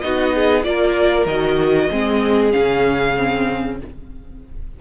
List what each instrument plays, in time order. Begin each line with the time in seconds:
0.00 cello B3, viola D#4, violin F#4 D#5
0.34 violin G#4
0.63 cello A#3, viola F4, violin A#4 D5
1.26 cello D#3, viola F#4, violin D#5
1.89 cello G#3, viola C4, violin G#4
2.51 cello C#3, viola C#4, violin F5
3.17 viola C4